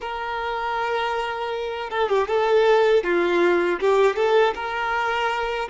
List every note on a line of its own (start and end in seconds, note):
0.00 1.90 A#4
1.90 2.09 A4
2.09 2.28 G4
2.28 3.03 A4
3.03 3.79 F4
3.79 4.16 G4
4.16 4.54 A4
4.55 5.69 A#4